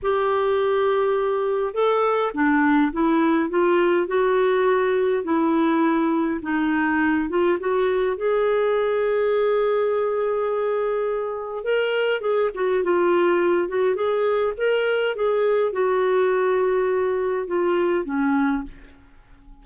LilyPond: \new Staff \with { instrumentName = "clarinet" } { \time 4/4 \tempo 4 = 103 g'2. a'4 | d'4 e'4 f'4 fis'4~ | fis'4 e'2 dis'4~ | dis'8 f'8 fis'4 gis'2~ |
gis'1 | ais'4 gis'8 fis'8 f'4. fis'8 | gis'4 ais'4 gis'4 fis'4~ | fis'2 f'4 cis'4 | }